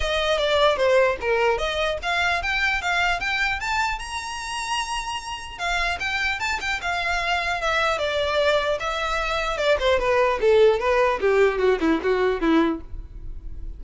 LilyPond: \new Staff \with { instrumentName = "violin" } { \time 4/4 \tempo 4 = 150 dis''4 d''4 c''4 ais'4 | dis''4 f''4 g''4 f''4 | g''4 a''4 ais''2~ | ais''2 f''4 g''4 |
a''8 g''8 f''2 e''4 | d''2 e''2 | d''8 c''8 b'4 a'4 b'4 | g'4 fis'8 e'8 fis'4 e'4 | }